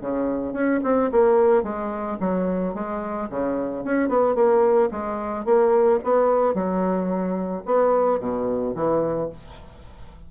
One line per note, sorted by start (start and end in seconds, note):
0.00 0.53 C#3
0.53 0.80 C#4
0.83 1.10 C4
1.11 1.63 A#3
1.63 2.17 G#3
2.19 2.74 F#3
2.74 3.28 G#3
3.29 3.84 C#3
3.84 4.08 C#4
4.08 4.35 B3
4.35 4.89 A#3
4.91 5.45 G#3
5.45 5.99 A#3
6.03 6.54 B3
6.54 7.63 F#3
7.65 8.20 B3
8.20 8.74 B2
8.75 9.29 E3